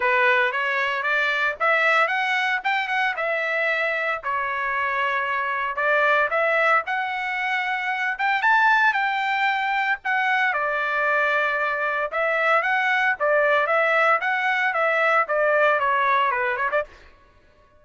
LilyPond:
\new Staff \with { instrumentName = "trumpet" } { \time 4/4 \tempo 4 = 114 b'4 cis''4 d''4 e''4 | fis''4 g''8 fis''8 e''2 | cis''2. d''4 | e''4 fis''2~ fis''8 g''8 |
a''4 g''2 fis''4 | d''2. e''4 | fis''4 d''4 e''4 fis''4 | e''4 d''4 cis''4 b'8 cis''16 d''16 | }